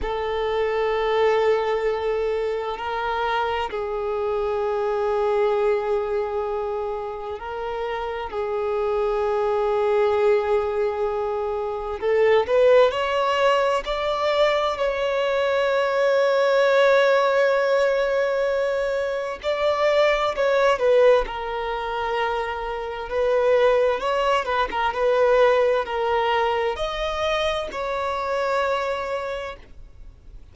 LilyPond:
\new Staff \with { instrumentName = "violin" } { \time 4/4 \tempo 4 = 65 a'2. ais'4 | gis'1 | ais'4 gis'2.~ | gis'4 a'8 b'8 cis''4 d''4 |
cis''1~ | cis''4 d''4 cis''8 b'8 ais'4~ | ais'4 b'4 cis''8 b'16 ais'16 b'4 | ais'4 dis''4 cis''2 | }